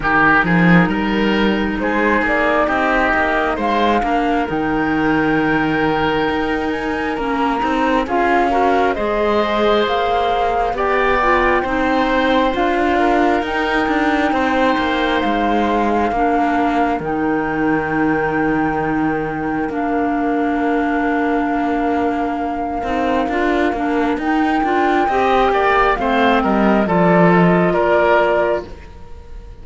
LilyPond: <<
  \new Staff \with { instrumentName = "flute" } { \time 4/4 \tempo 4 = 67 ais'2 c''8 d''8 dis''4 | f''4 g''2~ g''8 gis''8 | ais''4 f''4 dis''4 f''4 | g''2 f''4 g''4~ |
g''4 f''2 g''4~ | g''2 f''2~ | f''2. g''4~ | g''4 f''8 dis''8 d''8 dis''8 d''4 | }
  \new Staff \with { instrumentName = "oboe" } { \time 4/4 g'8 gis'8 ais'4 gis'4 g'4 | c''8 ais'2.~ ais'8~ | ais'4 gis'8 ais'8 c''2 | d''4 c''4. ais'4. |
c''2 ais'2~ | ais'1~ | ais'1 | dis''8 d''8 c''8 ais'8 a'4 ais'4 | }
  \new Staff \with { instrumentName = "clarinet" } { \time 4/4 dis'1~ | dis'8 d'8 dis'2. | cis'8 dis'8 f'8 fis'8 gis'2 | g'8 f'8 dis'4 f'4 dis'4~ |
dis'2 d'4 dis'4~ | dis'2 d'2~ | d'4. dis'8 f'8 d'8 dis'8 f'8 | g'4 c'4 f'2 | }
  \new Staff \with { instrumentName = "cello" } { \time 4/4 dis8 f8 g4 gis8 ais8 c'8 ais8 | gis8 ais8 dis2 dis'4 | ais8 c'8 cis'4 gis4 ais4 | b4 c'4 d'4 dis'8 d'8 |
c'8 ais8 gis4 ais4 dis4~ | dis2 ais2~ | ais4. c'8 d'8 ais8 dis'8 d'8 | c'8 ais8 a8 g8 f4 ais4 | }
>>